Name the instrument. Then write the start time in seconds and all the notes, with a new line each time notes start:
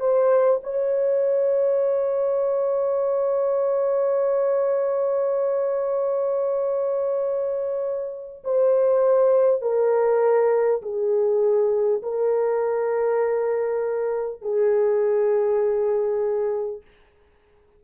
horn
0.00 C5
0.63 C#5
8.44 C5
9.62 A#4
10.82 G#4
12.02 A#4
14.42 G#4